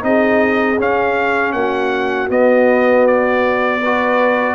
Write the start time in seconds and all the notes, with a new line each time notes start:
0.00 C4 D#4 D#5
0.06 G#4
0.80 C#4 F5
1.53 A#3 F#4 F#5
2.29 B3 D#5
3.07 D5
3.84 F#4 B4